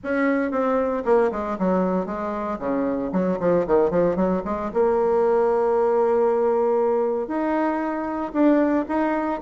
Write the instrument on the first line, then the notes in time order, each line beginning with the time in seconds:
bassoon
0.03 C#4
0.51 C4
1.05 A#3
1.31 G#3
1.59 F#3
2.06 G#3
2.59 C#3
3.12 F#3
3.39 F3
3.66 D#3
3.90 F3
4.15 F#3
4.44 G#3
4.73 A#3
7.27 D#4
8.33 D4
8.88 D#4